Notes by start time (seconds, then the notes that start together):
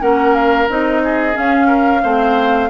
0.00 A#3 C#4 A#4 F#5
0.34 F5
0.68 C4 D#4 D#5
1.03 G#4
1.33 C#4 F5
1.67 A#4
2.03 A3 C4 C5